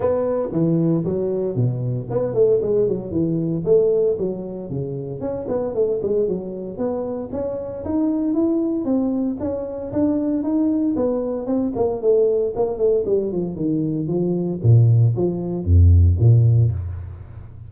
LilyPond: \new Staff \with { instrumentName = "tuba" } { \time 4/4 \tempo 4 = 115 b4 e4 fis4 b,4 | b8 a8 gis8 fis8 e4 a4 | fis4 cis4 cis'8 b8 a8 gis8 | fis4 b4 cis'4 dis'4 |
e'4 c'4 cis'4 d'4 | dis'4 b4 c'8 ais8 a4 | ais8 a8 g8 f8 dis4 f4 | ais,4 f4 f,4 ais,4 | }